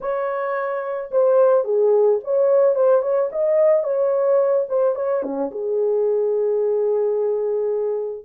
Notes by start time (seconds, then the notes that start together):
0.00 C#5
1.11 C5
1.64 G#4
2.24 C#5
2.75 C5
3.02 C#5
3.32 D#5
3.83 C#5
4.68 C5
4.95 C#5
5.22 C#4
5.51 G#4